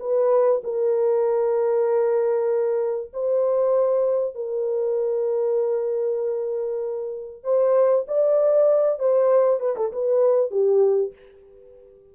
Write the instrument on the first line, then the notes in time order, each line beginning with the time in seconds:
horn
0.00 B4
0.64 A#4
3.13 C5
4.35 A#4
7.44 C5
8.08 D5
8.99 C5
9.60 B4
9.77 A4
9.93 B4
10.51 G4